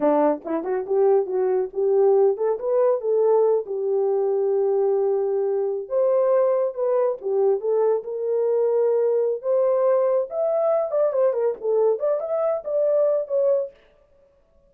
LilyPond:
\new Staff \with { instrumentName = "horn" } { \time 4/4 \tempo 4 = 140 d'4 e'8 fis'8 g'4 fis'4 | g'4. a'8 b'4 a'4~ | a'8 g'2.~ g'8~ | g'4.~ g'16 c''2 b'16~ |
b'8. g'4 a'4 ais'4~ ais'16~ | ais'2 c''2 | e''4. d''8 c''8 ais'8 a'4 | d''8 e''4 d''4. cis''4 | }